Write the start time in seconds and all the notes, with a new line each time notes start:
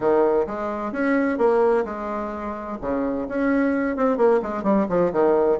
0.00 D#3
0.46 G#3
0.92 C#4
1.37 A#3
1.84 G#3
2.81 C#3
3.28 C#4
3.96 C4
4.17 A#3
4.42 G#3
4.63 G3
4.88 F3
5.12 D#3